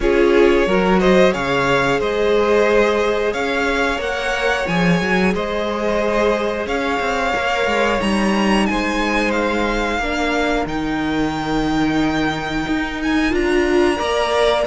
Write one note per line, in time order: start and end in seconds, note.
0.00 0.66 C#4
0.00 0.66 F4
0.00 0.67 G#4
0.00 0.99 C#5
0.66 1.33 F#3
0.66 1.33 F#4
0.66 1.00 A#4
0.99 1.32 C5
0.99 1.32 D#5
1.32 2.00 C#3
1.32 3.97 G#4
1.32 1.99 C#5
1.32 2.00 F5
1.99 3.33 G#3
1.99 3.32 C5
1.99 3.33 D#5
3.32 3.98 C#4
3.32 5.32 C#5
3.32 4.00 F5
3.97 4.65 A#3
3.97 4.64 A#4
3.97 4.67 F#5
4.67 5.01 F3
4.67 7.34 G#4
4.67 5.33 G#5
5.01 5.34 F#3
5.34 6.66 G#3
5.34 6.66 C5
5.34 6.67 D#5
6.66 6.99 C#4
6.66 8.66 C#5
6.66 8.00 F5
6.99 7.33 C4
7.34 7.66 A#3
7.34 8.00 A#4
7.66 7.99 G#3
8.00 8.68 G3
8.00 10.00 D#4
8.00 8.65 A#5
8.65 9.98 G#3
8.65 10.01 C5
8.65 9.31 G#5
9.31 10.64 F5
9.98 10.65 A#3
9.98 10.67 D4
9.98 13.98 A#4
10.65 12.65 D#3
10.65 13.30 D#4
10.65 13.01 G5
12.67 13.33 D#4
13.02 13.34 G#5
13.30 13.99 D4
13.30 13.96 F4
13.30 14.66 A#5
13.96 14.66 A#3
13.96 14.63 A#4
13.96 14.65 D5